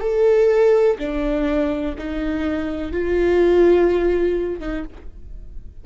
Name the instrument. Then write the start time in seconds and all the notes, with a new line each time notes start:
viola
0.00 A4
0.98 D4
1.98 D#4
2.91 F4
4.60 D#4